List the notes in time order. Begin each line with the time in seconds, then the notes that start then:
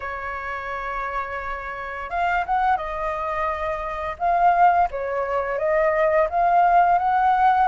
0.00 C#5
2.10 F5
2.46 F#5
2.76 D#5
4.18 F5
4.90 C#5
5.58 D#5
6.29 F5
6.98 F#5